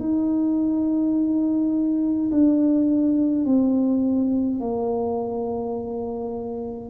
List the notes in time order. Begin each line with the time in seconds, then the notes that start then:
0.00 D#4
2.32 D4
3.46 C4
4.60 A#3